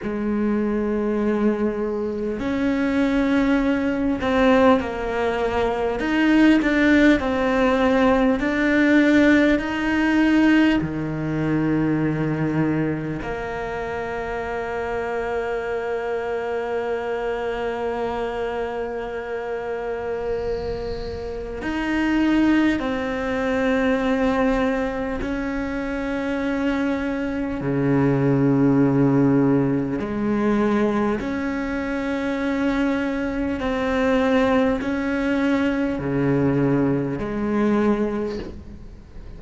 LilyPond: \new Staff \with { instrumentName = "cello" } { \time 4/4 \tempo 4 = 50 gis2 cis'4. c'8 | ais4 dis'8 d'8 c'4 d'4 | dis'4 dis2 ais4~ | ais1~ |
ais2 dis'4 c'4~ | c'4 cis'2 cis4~ | cis4 gis4 cis'2 | c'4 cis'4 cis4 gis4 | }